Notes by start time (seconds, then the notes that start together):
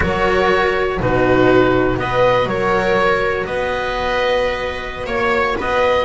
0.00 F#3 F#4 A#4 C#5
1.00 B2 D#4 F#4 B4
1.96 B3 F#4 B4 D#5
2.46 F#3 A#4 C#5
3.46 B3 B4 D#5
5.06 A#3 C#5
5.58 B3 B4 D#5